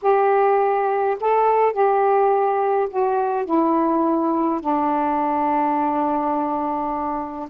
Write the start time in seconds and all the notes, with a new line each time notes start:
0.02 G4
1.20 A4
1.73 G4
2.90 F#4
3.45 E4
4.60 D4